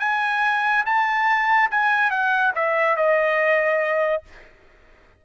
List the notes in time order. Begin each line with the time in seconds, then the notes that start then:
0.00 G#5
0.86 A5
1.71 G#5
2.10 F#5
2.55 E5
2.97 D#5